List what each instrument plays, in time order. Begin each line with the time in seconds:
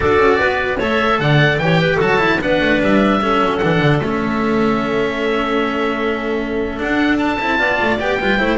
0.00 double bass D4, cello F#4, clarinet A4, oboe D5
0.18 double bass C#4
0.39 double bass B3, clarinet B4
0.78 double bass A3, cello A4, clarinet C#5, oboe E5
1.19 double bass D3, clarinet D5, oboe F#5
1.58 double bass E3, cello G4, clarinet C#5, oboe G5
1.80 clarinet B4
1.96 double bass F#3, cello F#4, clarinet A4, oboe A5
2.18 cello E4
2.40 double bass B3, cello D4, clarinet B4, oboe F#5
2.60 double bass A3
2.81 double bass G3, oboe E5
3.21 cello C#4, clarinet A4
3.40 double bass F#3
3.57 double bass E3, cello D4, oboe F#5
3.79 double bass D3
3.99 double bass A3, cello C#4, oboe E5
6.78 cello D4, double bass D4, oboe F#5
7.17 oboe A5
7.40 double bass C4, cello E4
7.58 double bass B3, cello F4, clarinet D5
7.81 double bass A3
7.99 double bass B3, cello G4, oboe G5
8.20 double bass G3, cello F4, clarinet B4
8.38 double bass A3, cello E4, clarinet C5